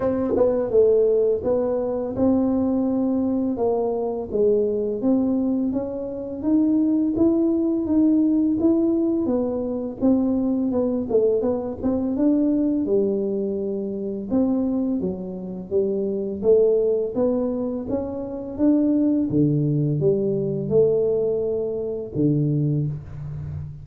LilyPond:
\new Staff \with { instrumentName = "tuba" } { \time 4/4 \tempo 4 = 84 c'8 b8 a4 b4 c'4~ | c'4 ais4 gis4 c'4 | cis'4 dis'4 e'4 dis'4 | e'4 b4 c'4 b8 a8 |
b8 c'8 d'4 g2 | c'4 fis4 g4 a4 | b4 cis'4 d'4 d4 | g4 a2 d4 | }